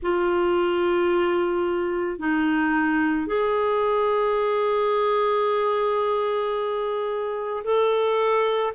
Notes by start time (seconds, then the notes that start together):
0.02 F4
2.18 D#4
3.27 G#4
7.64 A4